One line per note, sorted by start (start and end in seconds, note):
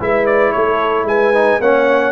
0.00 0.54 G#3
0.00 1.34 E4
0.00 0.54 B4
0.00 0.26 E5
0.26 0.52 D5
0.52 1.04 A3
0.52 1.08 A4
0.52 1.06 C#5
1.04 1.57 G#3
1.04 1.60 B4
1.04 1.61 G#5
1.34 1.61 D#4
1.59 2.12 A#3
1.59 2.12 C#4
1.59 2.12 C#5
1.59 2.12 F#5